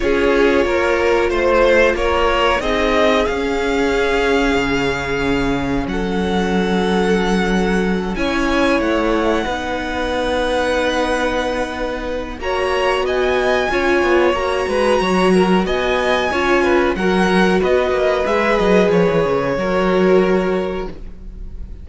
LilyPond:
<<
  \new Staff \with { instrumentName = "violin" } { \time 4/4 \tempo 4 = 92 cis''2 c''4 cis''4 | dis''4 f''2.~ | f''4 fis''2.~ | fis''8 gis''4 fis''2~ fis''8~ |
fis''2. ais''4 | gis''2 ais''2 | gis''2 fis''4 dis''4 | e''8 dis''8 cis''2. | }
  \new Staff \with { instrumentName = "violin" } { \time 4/4 gis'4 ais'4 c''4 ais'4 | gis'1~ | gis'4 a'2.~ | a'8 cis''2 b'4.~ |
b'2. cis''4 | dis''4 cis''4. b'8 cis''8 ais'8 | dis''4 cis''8 b'8 ais'4 b'4~ | b'2 ais'2 | }
  \new Staff \with { instrumentName = "viola" } { \time 4/4 f'1 | dis'4 cis'2.~ | cis'1~ | cis'8 e'2 dis'4.~ |
dis'2. fis'4~ | fis'4 f'4 fis'2~ | fis'4 f'4 fis'2 | gis'2 fis'2 | }
  \new Staff \with { instrumentName = "cello" } { \time 4/4 cis'4 ais4 a4 ais4 | c'4 cis'2 cis4~ | cis4 fis2.~ | fis8 cis'4 a4 b4.~ |
b2. ais4 | b4 cis'8 b8 ais8 gis8 fis4 | b4 cis'4 fis4 b8 ais8 | gis8 fis8 f16 e16 cis8 fis2 | }
>>